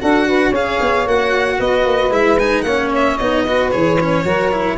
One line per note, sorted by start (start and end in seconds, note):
0.00 0.51 D4
0.00 0.53 F#4
0.00 0.27 A4
0.00 0.54 F#5
0.27 0.49 B4
0.49 0.78 C#4
0.49 1.07 G#4
0.49 1.55 C#5
0.49 1.07 F5
0.80 1.06 B3
1.06 1.59 A#3
1.06 2.10 F#4
1.06 1.60 F#5
1.58 1.85 B3
1.58 2.64 B4
1.58 2.12 D#5
1.85 2.10 A#3
2.10 2.63 G#3
2.10 2.37 E4
2.10 2.39 E5
2.39 2.66 D#4
2.39 2.61 G#5
2.61 3.16 A#3
2.61 3.44 C#5
2.61 2.88 F#5
2.67 3.20 C#4
2.95 3.17 E5
3.17 3.73 B3
3.17 3.47 D#4
3.17 3.70 D#5
3.45 3.71 F#4
3.45 4.23 B4
3.71 4.24 E3
3.71 3.98 G#4
3.71 4.77 C#5
4.00 4.25 C#4
4.23 4.77 F#3
4.23 4.52 F#4
4.23 4.77 A#4
4.52 4.77 E4